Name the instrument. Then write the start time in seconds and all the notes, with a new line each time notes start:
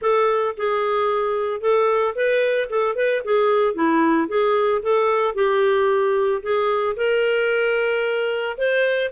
clarinet
0.01 A4
0.57 G#4
1.60 A4
2.15 B4
2.69 A4
2.95 B4
3.24 G#4
3.74 E4
4.28 G#4
4.82 A4
5.34 G4
6.42 G#4
6.96 A#4
8.57 C5